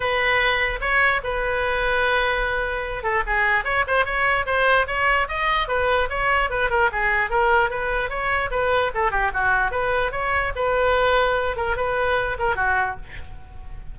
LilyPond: \new Staff \with { instrumentName = "oboe" } { \time 4/4 \tempo 4 = 148 b'2 cis''4 b'4~ | b'2.~ b'8 a'8 | gis'4 cis''8 c''8 cis''4 c''4 | cis''4 dis''4 b'4 cis''4 |
b'8 ais'8 gis'4 ais'4 b'4 | cis''4 b'4 a'8 g'8 fis'4 | b'4 cis''4 b'2~ | b'8 ais'8 b'4. ais'8 fis'4 | }